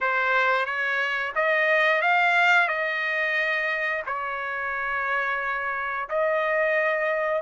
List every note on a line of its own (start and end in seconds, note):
0.00 0.65 C5
0.65 1.32 C#5
1.35 2.01 D#5
2.01 2.68 F5
2.68 4.02 D#5
4.06 6.08 C#5
6.09 7.42 D#5